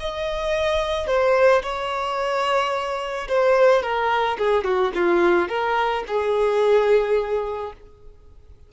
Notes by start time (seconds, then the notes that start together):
0.00 D#5
1.07 C5
1.63 C#5
3.29 C5
3.83 A#4
4.38 G#4
4.64 F#4
4.95 F4
5.49 A#4
6.08 G#4